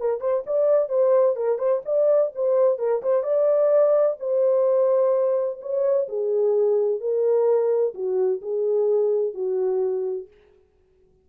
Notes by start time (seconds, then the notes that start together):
0.00 A#4
0.21 C5
0.47 D5
0.89 C5
1.36 A#4
1.59 C5
1.86 D5
2.36 C5
2.79 A#4
3.03 C5
3.23 D5
4.20 C5
5.62 C#5
6.09 G#4
7.01 A#4
7.95 F#4
8.42 G#4
9.34 F#4